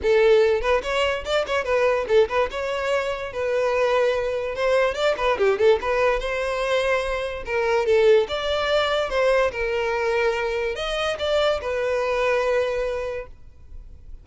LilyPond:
\new Staff \with { instrumentName = "violin" } { \time 4/4 \tempo 4 = 145 a'4. b'8 cis''4 d''8 cis''8 | b'4 a'8 b'8 cis''2 | b'2. c''4 | d''8 b'8 g'8 a'8 b'4 c''4~ |
c''2 ais'4 a'4 | d''2 c''4 ais'4~ | ais'2 dis''4 d''4 | b'1 | }